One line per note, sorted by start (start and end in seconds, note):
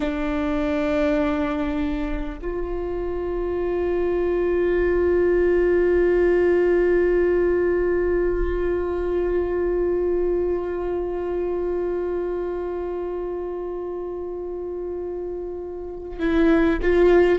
0.00 2.38 D4
2.41 16.19 F4
16.19 16.79 E4
16.82 17.38 F4